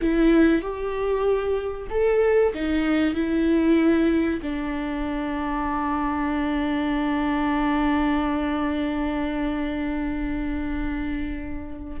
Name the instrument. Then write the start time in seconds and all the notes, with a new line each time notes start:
viola
0.01 E4
0.61 G4
1.89 A4
2.54 D#4
3.14 E4
4.42 D4